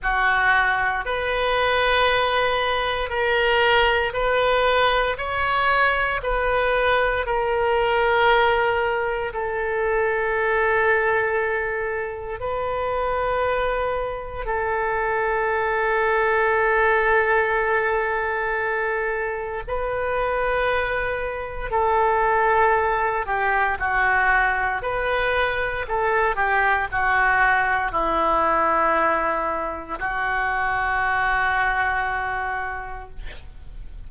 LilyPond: \new Staff \with { instrumentName = "oboe" } { \time 4/4 \tempo 4 = 58 fis'4 b'2 ais'4 | b'4 cis''4 b'4 ais'4~ | ais'4 a'2. | b'2 a'2~ |
a'2. b'4~ | b'4 a'4. g'8 fis'4 | b'4 a'8 g'8 fis'4 e'4~ | e'4 fis'2. | }